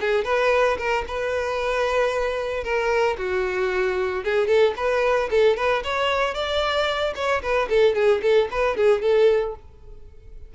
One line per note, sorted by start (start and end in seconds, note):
0.00 0.24 G#4
0.24 0.77 B4
0.78 1.04 A#4
1.07 2.64 B4
2.64 3.17 A#4
3.18 4.24 F#4
4.24 4.47 G#4
4.47 4.74 A4
4.76 5.29 B4
5.30 5.56 A4
5.56 5.83 B4
5.84 6.34 C#5
6.34 7.13 D5
7.15 7.42 C#5
7.42 7.68 B4
7.69 7.95 A4
7.95 8.21 G#4
8.22 8.48 A4
8.51 8.77 B4
8.77 9.02 G#4
9.02 9.55 A4